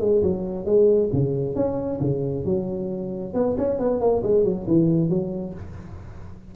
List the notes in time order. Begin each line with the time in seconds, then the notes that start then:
0.00 G#3
0.23 F#3
0.65 G#3
1.13 C#3
1.55 C#4
2.01 C#3
2.45 F#3
3.34 B3
3.58 C#4
3.79 B3
4.00 A#3
4.23 G#3
4.44 F#3
4.67 E3
5.09 F#3